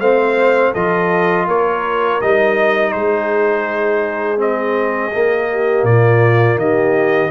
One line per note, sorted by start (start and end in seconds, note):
0.00 0.73 A3
0.00 0.75 C4
0.00 0.72 C5
0.00 0.74 F5
0.72 1.48 F3
0.72 2.22 F4
0.72 1.46 A4
0.72 1.48 D#5
1.48 2.21 A#3
1.48 2.94 A#4
1.48 2.22 C#5
2.22 2.95 G3
2.22 4.38 D#4
2.22 2.93 D#5
2.93 5.14 G#3
2.93 5.51 G#4
2.93 4.39 C5
4.38 5.11 C4
4.38 5.86 D#5
5.13 7.31 A#3
5.13 5.84 A#3
5.52 5.88 G4
5.84 6.57 A#2
5.84 6.61 F4
5.84 6.59 D5
6.57 7.30 D#3
6.57 7.31 G4
6.57 7.31 D#5